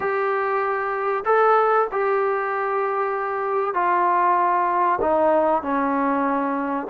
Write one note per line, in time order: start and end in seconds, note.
0.00 1.24 G4
1.25 1.88 A4
1.91 3.74 G4
3.74 4.99 F4
5.01 5.62 D#4
5.62 6.87 C#4